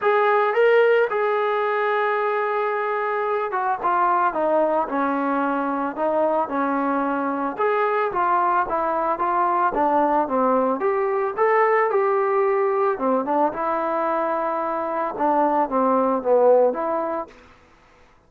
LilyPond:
\new Staff \with { instrumentName = "trombone" } { \time 4/4 \tempo 4 = 111 gis'4 ais'4 gis'2~ | gis'2~ gis'8 fis'8 f'4 | dis'4 cis'2 dis'4 | cis'2 gis'4 f'4 |
e'4 f'4 d'4 c'4 | g'4 a'4 g'2 | c'8 d'8 e'2. | d'4 c'4 b4 e'4 | }